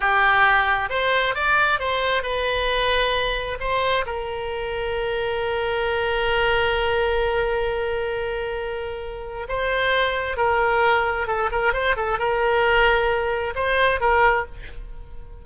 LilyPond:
\new Staff \with { instrumentName = "oboe" } { \time 4/4 \tempo 4 = 133 g'2 c''4 d''4 | c''4 b'2. | c''4 ais'2.~ | ais'1~ |
ais'1~ | ais'4 c''2 ais'4~ | ais'4 a'8 ais'8 c''8 a'8 ais'4~ | ais'2 c''4 ais'4 | }